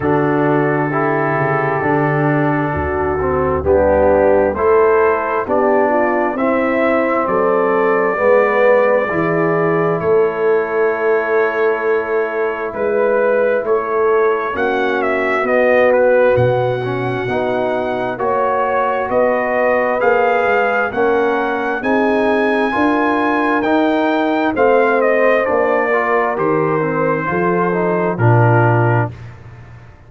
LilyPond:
<<
  \new Staff \with { instrumentName = "trumpet" } { \time 4/4 \tempo 4 = 66 a'1 | g'4 c''4 d''4 e''4 | d''2. cis''4~ | cis''2 b'4 cis''4 |
fis''8 e''8 dis''8 b'8 fis''2 | cis''4 dis''4 f''4 fis''4 | gis''2 g''4 f''8 dis''8 | d''4 c''2 ais'4 | }
  \new Staff \with { instrumentName = "horn" } { \time 4/4 fis'4 g'2 fis'4 | d'4 a'4 g'8 f'8 e'4 | a'4 b'4 gis'4 a'4~ | a'2 b'4 a'4 |
fis'1 | cis''4 b'2 ais'4 | gis'4 ais'2 c''4~ | c''8 ais'4. a'4 f'4 | }
  \new Staff \with { instrumentName = "trombone" } { \time 4/4 d'4 e'4 d'4. c'8 | b4 e'4 d'4 c'4~ | c'4 b4 e'2~ | e'1 |
cis'4 b4. cis'8 dis'4 | fis'2 gis'4 cis'4 | dis'4 f'4 dis'4 c'4 | d'8 f'8 g'8 c'8 f'8 dis'8 d'4 | }
  \new Staff \with { instrumentName = "tuba" } { \time 4/4 d4. cis8 d4 d,4 | g4 a4 b4 c'4 | fis4 gis4 e4 a4~ | a2 gis4 a4 |
ais4 b4 b,4 b4 | ais4 b4 ais8 gis8 ais4 | c'4 d'4 dis'4 a4 | ais4 dis4 f4 ais,4 | }
>>